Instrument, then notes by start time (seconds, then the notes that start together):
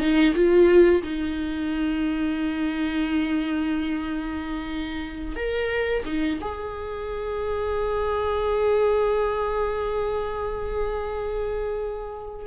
viola
0.00 D#4
0.35 F4
1.04 D#4
5.36 A#4
6.06 D#4
6.41 G#4